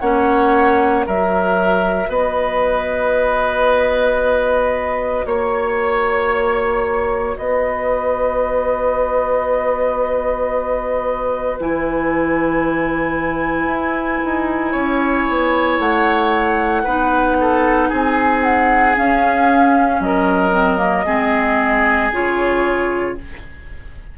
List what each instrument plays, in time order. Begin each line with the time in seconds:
0.00 bassoon A#3, clarinet C#4, oboe C#5, flute F#5
1.06 bassoon F#3, clarinet F#4, oboe A#4, flute E5
2.09 bassoon B3, oboe B4, flute D#5
5.26 bassoon A#3, flute C#5, oboe C#5
7.37 bassoon B3, oboe B4, flute D#5
11.60 bassoon E3, clarinet E4, flute G#5
13.66 bassoon E4
14.25 bassoon D#4
14.72 bassoon C#4, oboe C#5
15.29 bassoon B3
15.79 bassoon A3, flute F#5
16.84 bassoon B3, clarinet D#4, oboe B4
17.41 oboe A4
17.89 bassoon C4, oboe G#4, flute G#5
18.43 flute F#5
18.96 clarinet C#4, bassoon C#4, flute F5
20.00 bassoon F#3, oboe A#4, flute D#5
20.52 clarinet C4
20.78 clarinet A#3
21.06 bassoon G#3, clarinet C4, oboe G#4
22.12 bassoon C#3, clarinet F4, flute C#5